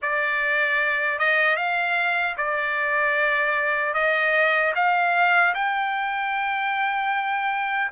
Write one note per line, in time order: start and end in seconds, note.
0.02 1.18 D5
1.18 1.56 D#5
1.56 2.35 F5
2.37 3.94 D5
3.94 4.73 D#5
4.75 5.54 F5
5.54 7.91 G5